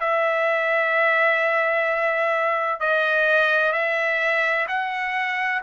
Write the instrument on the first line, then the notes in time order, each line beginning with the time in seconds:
trumpet
0.00 E5
2.80 D#5
3.72 E5
4.67 F#5